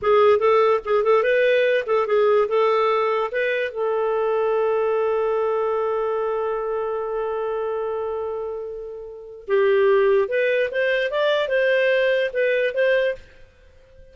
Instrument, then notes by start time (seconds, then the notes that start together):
clarinet
0.01 G#4
0.39 A4
0.85 G#4
1.03 A4
1.23 B4
1.86 A4
2.06 G#4
2.48 A4
3.31 B4
3.71 A4
9.47 G4
10.28 B4
10.71 C5
11.10 D5
11.48 C5
12.33 B4
12.74 C5